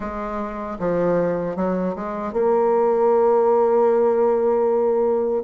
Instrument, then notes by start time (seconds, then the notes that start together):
bassoon
0.00 G#3
0.79 F3
1.56 F#3
1.95 G#3
2.32 A#3